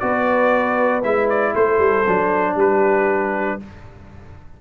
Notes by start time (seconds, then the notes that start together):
0.00 B3 F#4 B4 D5
1.04 G#3 E4 E5
1.30 D5
1.55 A3 A4 C5
1.79 G3
2.08 F#3 D4
2.55 G3 G4 B4